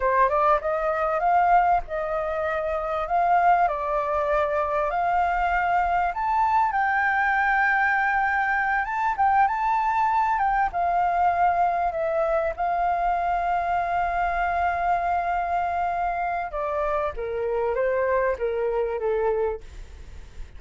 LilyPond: \new Staff \with { instrumentName = "flute" } { \time 4/4 \tempo 4 = 98 c''8 d''8 dis''4 f''4 dis''4~ | dis''4 f''4 d''2 | f''2 a''4 g''4~ | g''2~ g''8 a''8 g''8 a''8~ |
a''4 g''8 f''2 e''8~ | e''8 f''2.~ f''8~ | f''2. d''4 | ais'4 c''4 ais'4 a'4 | }